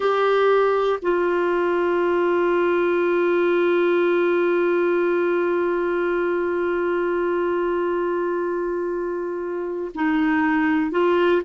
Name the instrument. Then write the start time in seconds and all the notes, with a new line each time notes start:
clarinet
0.00 G4
1.02 F4
9.94 D#4
10.90 F4